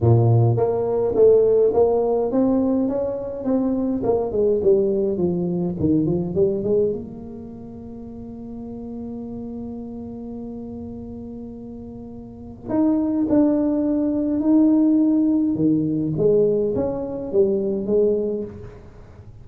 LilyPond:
\new Staff \with { instrumentName = "tuba" } { \time 4/4 \tempo 4 = 104 ais,4 ais4 a4 ais4 | c'4 cis'4 c'4 ais8 gis8 | g4 f4 dis8 f8 g8 gis8 | ais1~ |
ais1~ | ais2 dis'4 d'4~ | d'4 dis'2 dis4 | gis4 cis'4 g4 gis4 | }